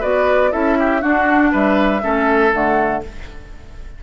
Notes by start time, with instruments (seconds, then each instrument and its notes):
0.00 bassoon B3, clarinet F#4, oboe B4, flute D5
0.52 bassoon C#4, clarinet E4, oboe A4, flute E5
0.79 oboe G4
1.01 clarinet D4, bassoon D4, oboe F#4, flute F#5
1.52 bassoon G3, oboe B4, flute E5
2.02 bassoon A3, clarinet C#4, oboe A4
2.52 bassoon D3, clarinet A3, flute F#5